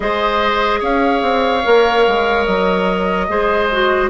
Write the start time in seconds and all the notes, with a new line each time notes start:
0.00 G#3 G#4 C5 D#5
0.80 C#4 C#5 F5
1.22 C4
1.64 A#3 A#4
2.07 G#3
2.45 F#3 D#5
3.28 G#3 G#4 C5
3.71 F#4